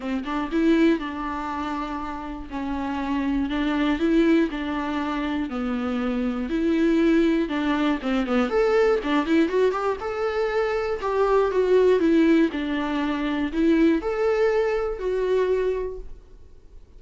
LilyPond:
\new Staff \with { instrumentName = "viola" } { \time 4/4 \tempo 4 = 120 c'8 d'8 e'4 d'2~ | d'4 cis'2 d'4 | e'4 d'2 b4~ | b4 e'2 d'4 |
c'8 b8 a'4 d'8 e'8 fis'8 g'8 | a'2 g'4 fis'4 | e'4 d'2 e'4 | a'2 fis'2 | }